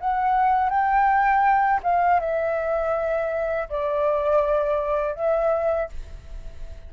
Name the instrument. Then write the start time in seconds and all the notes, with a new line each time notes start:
flute
0.00 F#5
0.69 G5
1.83 F5
2.20 E5
3.69 D5
5.15 E5